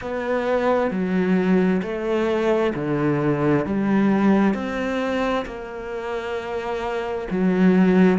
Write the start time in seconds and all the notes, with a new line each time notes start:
0.01 B3
0.90 F#3
1.82 A3
2.74 D3
3.65 G3
4.54 C4
5.45 A#3
7.30 F#3